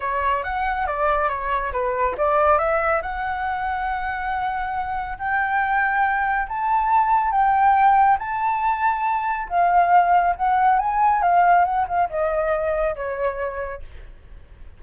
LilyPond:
\new Staff \with { instrumentName = "flute" } { \time 4/4 \tempo 4 = 139 cis''4 fis''4 d''4 cis''4 | b'4 d''4 e''4 fis''4~ | fis''1 | g''2. a''4~ |
a''4 g''2 a''4~ | a''2 f''2 | fis''4 gis''4 f''4 fis''8 f''8 | dis''2 cis''2 | }